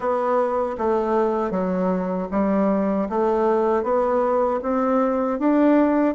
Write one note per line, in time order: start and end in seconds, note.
0.00 0.76 B3
0.78 1.50 A3
1.50 2.27 F#3
2.31 3.08 G3
3.09 3.83 A3
3.83 4.60 B3
4.62 5.39 C4
5.39 6.14 D4